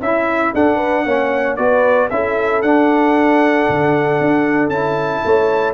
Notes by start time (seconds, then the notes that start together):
0.00 C#4 E4 E5
0.53 D4 A4 F#5
0.76 B4
1.05 A#3 C#4 C#5
1.56 B3 F#4 B4 D5
2.10 C#4 E4 A4 E5
2.62 D4 F#5
3.69 D3
4.20 D4
4.68 C#4 E4 A5
5.24 A3 C#5